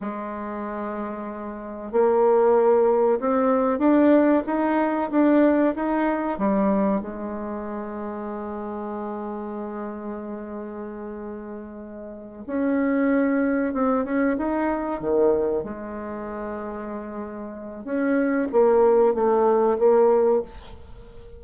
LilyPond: \new Staff \with { instrumentName = "bassoon" } { \time 4/4 \tempo 4 = 94 gis2. ais4~ | ais4 c'4 d'4 dis'4 | d'4 dis'4 g4 gis4~ | gis1~ |
gis2.~ gis8 cis'8~ | cis'4. c'8 cis'8 dis'4 dis8~ | dis8 gis2.~ gis8 | cis'4 ais4 a4 ais4 | }